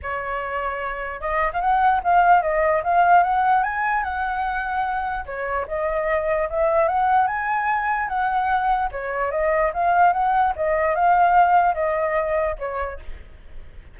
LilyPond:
\new Staff \with { instrumentName = "flute" } { \time 4/4 \tempo 4 = 148 cis''2. dis''8. f''16 | fis''4 f''4 dis''4 f''4 | fis''4 gis''4 fis''2~ | fis''4 cis''4 dis''2 |
e''4 fis''4 gis''2 | fis''2 cis''4 dis''4 | f''4 fis''4 dis''4 f''4~ | f''4 dis''2 cis''4 | }